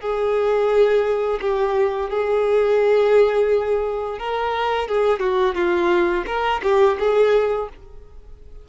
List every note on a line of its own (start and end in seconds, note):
0.00 1.40 G#4
1.41 2.10 G4
2.10 4.19 G#4
4.19 4.88 A#4
4.88 5.19 G#4
5.19 5.54 F#4
5.54 6.24 F4
6.26 6.61 A#4
6.63 6.98 G4
6.99 7.69 G#4